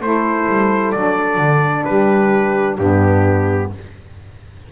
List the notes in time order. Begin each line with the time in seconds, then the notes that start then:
0.00 A3 E4 A4 C5
0.47 G3
0.92 F#3 D4 D5
1.37 D3
1.84 G3 G4 B4
2.77 G2 B3 D4 G4